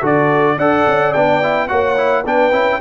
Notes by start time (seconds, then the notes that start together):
0.00 D3 F#4 A4 D5
0.57 D4 A4 D5 F#5
0.87 C#4
1.13 B3 D4 G5
1.43 E4
1.68 A#3 F#4 C#5 F#5
1.96 E4
2.24 B3 D4 B4 G5
2.52 C#4 E4